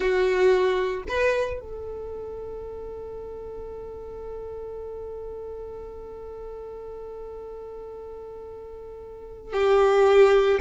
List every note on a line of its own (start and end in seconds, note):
0.00 1.02 F#4
1.08 1.60 B4
1.60 9.53 A4
9.53 10.59 G4